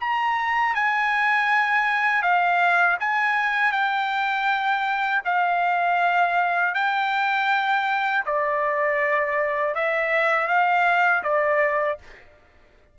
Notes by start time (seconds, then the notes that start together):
0.00 A#5
0.75 G#5
2.23 F5
3.00 G#5
3.72 G5
5.25 F5
6.75 G5
8.26 D5
9.75 E5
10.48 F5
11.24 D5